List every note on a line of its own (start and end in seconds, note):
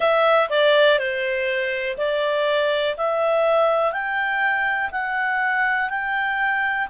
0.00 0.48 E5
0.49 0.98 D5
0.98 1.97 C5
1.97 2.96 D5
2.97 3.92 E5
3.92 4.90 G5
4.91 5.89 F#5
5.89 6.88 G5